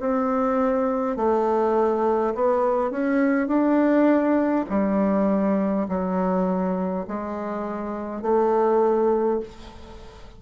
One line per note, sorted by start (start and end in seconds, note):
0.00 1.16 C4
1.16 2.34 A3
2.35 2.91 B3
2.91 3.48 C#4
3.48 4.65 D4
4.70 5.87 G3
5.88 7.06 F#3
7.07 8.22 G#3
8.22 9.40 A3